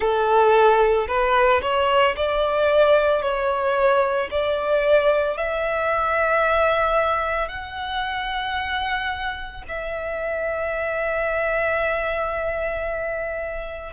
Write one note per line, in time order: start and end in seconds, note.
0.00 1.07 A4
1.07 1.61 B4
1.61 2.15 C#5
2.16 3.21 D5
3.21 4.29 C#5
4.31 5.37 D5
5.37 7.48 E5
7.48 9.62 F#5
9.67 13.93 E5